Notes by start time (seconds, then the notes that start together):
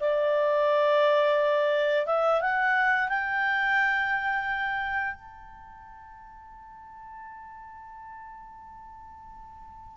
0.00 D5
2.06 E5
2.41 F#5
3.08 G5
5.14 A5